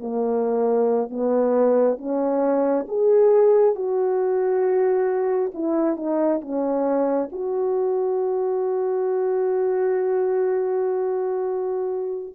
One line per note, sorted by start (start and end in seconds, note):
0.00 1.10 A#3
1.10 1.98 B3
1.98 2.86 C#4
2.88 3.75 G#4
3.75 5.51 F#4
5.54 5.96 E4
5.96 6.41 D#4
6.41 7.30 C#4
7.32 12.35 F#4